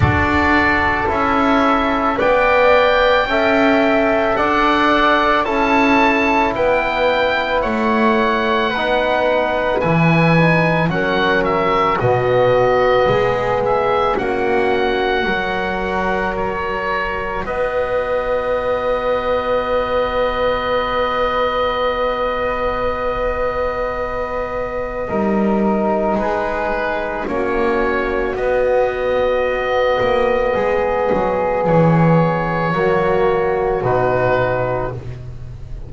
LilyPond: <<
  \new Staff \with { instrumentName = "oboe" } { \time 4/4 \tempo 4 = 55 d''4 e''4 g''2 | fis''4 a''4 g''4 fis''4~ | fis''4 gis''4 fis''8 e''8 dis''4~ | dis''8 e''8 fis''2 cis''4 |
dis''1~ | dis''1 | b'4 cis''4 dis''2~ | dis''4 cis''2 b'4 | }
  \new Staff \with { instrumentName = "flute" } { \time 4/4 a'2 d''4 e''4 | d''4 a'4 b'4 cis''4 | b'2 ais'4 fis'4 | gis'4 fis'4 ais'2 |
b'1~ | b'2. ais'4 | gis'4 fis'2. | gis'2 fis'2 | }
  \new Staff \with { instrumentName = "trombone" } { \time 4/4 fis'4 e'4 b'4 a'4~ | a'4 e'2. | dis'4 e'8 dis'8 cis'4 b4~ | b4 cis'4 fis'2~ |
fis'1~ | fis'2. dis'4~ | dis'4 cis'4 b2~ | b2 ais4 dis'4 | }
  \new Staff \with { instrumentName = "double bass" } { \time 4/4 d'4 cis'4 b4 cis'4 | d'4 cis'4 b4 a4 | b4 e4 fis4 b,4 | gis4 ais4 fis2 |
b1~ | b2. g4 | gis4 ais4 b4. ais8 | gis8 fis8 e4 fis4 b,4 | }
>>